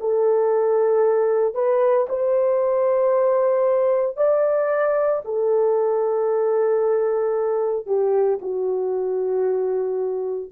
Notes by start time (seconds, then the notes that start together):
0.00 A4
1.54 B4
2.08 C5
4.16 D5
5.24 A4
7.86 G4
8.41 F#4